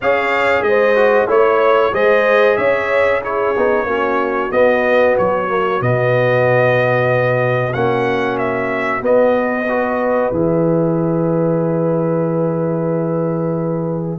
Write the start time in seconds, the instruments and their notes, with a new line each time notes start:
0.01 tuba C#4, trombone G#4, horn C#5, trumpet F5
0.61 tuba G#3, trumpet D#5
0.67 horn C5
0.96 trombone F#4
1.27 tuba A3, trombone E4, horn C#5, trumpet C#5
1.92 tuba G#3, trombone G#4, horn C5, trumpet D#5
2.57 tuba C#4, horn C#5, trumpet E5
3.22 trombone E4, horn G#4, trumpet C#5
3.55 tuba B3, trombone D#4
3.84 tuba A#3, trombone C#4, horn F#4
4.50 trombone B3, tuba B3, trumpet D#5
5.17 tuba F#3, trumpet C#5
5.47 trombone A#3
5.79 tuba B2, trombone B3, trumpet D#5
7.73 tuba A#3, trombone C#4, trumpet F#5
8.38 trumpet E5
9.00 trombone B3, tuba B3, trumpet D#5
9.68 trombone F#4, horn B4
10.31 tuba E3, trombone G#4, trumpet E5